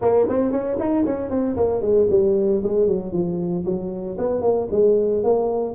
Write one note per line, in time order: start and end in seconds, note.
0.01 0.27 A#3
0.29 0.51 C4
0.51 0.77 C#4
0.79 1.05 D#4
1.05 1.29 C#4
1.29 1.56 C4
1.56 1.81 A#3
1.81 2.07 G#3
2.10 2.62 G3
2.63 2.87 G#3
2.87 3.12 F#3
3.12 3.64 F3
3.65 4.17 F#3
4.18 4.41 B3
4.41 4.67 A#3
4.71 5.23 G#3
5.23 5.75 A#3